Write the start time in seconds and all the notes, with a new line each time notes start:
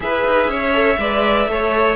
0.00 E4 G#4 B4 E5
0.25 D#4
0.47 C#4 C#5
0.73 A4
0.98 G#3 B4 D5
1.46 A3 A4 C#5